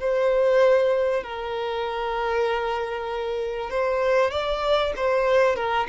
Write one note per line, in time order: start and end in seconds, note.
0.00 1.24 C5
1.24 3.70 A#4
3.70 4.31 C5
4.31 4.93 D5
4.97 5.56 C5
5.56 5.87 A#4